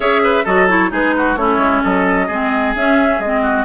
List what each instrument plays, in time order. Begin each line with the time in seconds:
0.00 bassoon C#4, clarinet G#4, oboe C#5, flute E5
0.23 oboe B4
0.44 bassoon F#3, clarinet F#4, oboe A4, flute D#5
0.68 clarinet E4, flute C#5
0.90 bassoon G#3, clarinet D#4, oboe G#4, flute B4
1.16 oboe F#4
1.36 bassoon A3, clarinet C#4, oboe E4, flute C#5
1.57 bassoon G#3
1.83 bassoon F#3, oboe A4, flute D#5
2.27 bassoon G#3, clarinet C4, oboe G#4
2.74 bassoon C#4, clarinet C#4, flute E5
3.19 bassoon G#3, clarinet C4, flute D#5
3.42 oboe F#4